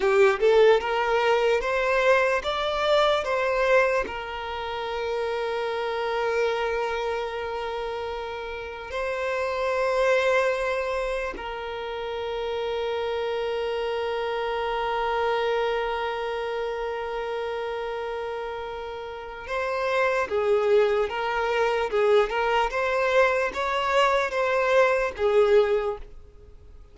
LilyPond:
\new Staff \with { instrumentName = "violin" } { \time 4/4 \tempo 4 = 74 g'8 a'8 ais'4 c''4 d''4 | c''4 ais'2.~ | ais'2. c''4~ | c''2 ais'2~ |
ais'1~ | ais'1 | c''4 gis'4 ais'4 gis'8 ais'8 | c''4 cis''4 c''4 gis'4 | }